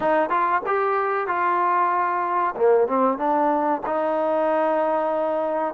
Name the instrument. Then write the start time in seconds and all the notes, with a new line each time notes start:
trombone
0.00 D#4
0.29 F4
0.66 G4
1.27 F4
2.55 A#3
2.87 C4
3.17 D4
3.86 D#4